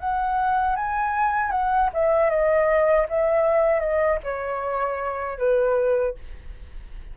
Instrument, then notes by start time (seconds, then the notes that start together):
flute
0.00 F#5
0.76 G#5
1.52 F#5
1.94 E5
2.30 D#5
3.09 E5
3.80 D#5
4.24 C#5
5.38 B4